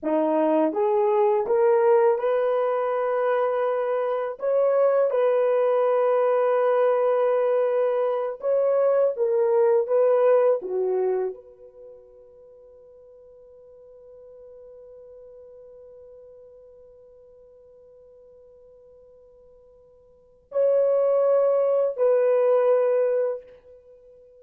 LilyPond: \new Staff \with { instrumentName = "horn" } { \time 4/4 \tempo 4 = 82 dis'4 gis'4 ais'4 b'4~ | b'2 cis''4 b'4~ | b'2.~ b'8 cis''8~ | cis''8 ais'4 b'4 fis'4 b'8~ |
b'1~ | b'1~ | b'1 | cis''2 b'2 | }